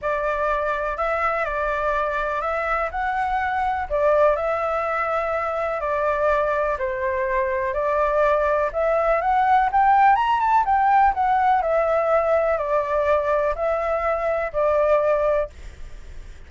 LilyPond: \new Staff \with { instrumentName = "flute" } { \time 4/4 \tempo 4 = 124 d''2 e''4 d''4~ | d''4 e''4 fis''2 | d''4 e''2. | d''2 c''2 |
d''2 e''4 fis''4 | g''4 ais''8 a''8 g''4 fis''4 | e''2 d''2 | e''2 d''2 | }